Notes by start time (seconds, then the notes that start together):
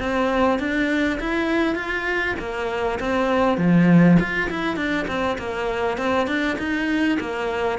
0.00 C4
0.59 D4
1.20 E4
1.76 F4
2.39 A#3
3.00 C4
3.58 F3
4.20 F4
4.50 E4
4.77 D4
5.08 C4
5.39 A#3
5.98 C4
6.27 D4
6.59 D#4
7.20 A#3